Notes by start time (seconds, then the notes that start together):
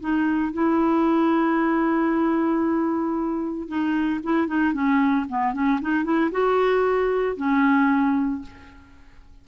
0.00 D#4
0.52 E4
3.68 D#4
4.23 E4
4.47 D#4
4.73 C#4
5.29 B3
5.53 C#4
5.81 D#4
6.04 E4
6.31 F#4
7.36 C#4